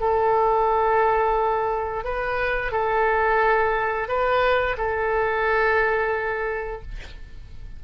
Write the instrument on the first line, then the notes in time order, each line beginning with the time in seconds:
oboe
0.00 A4
2.04 B4
2.72 A4
4.08 B4
4.77 A4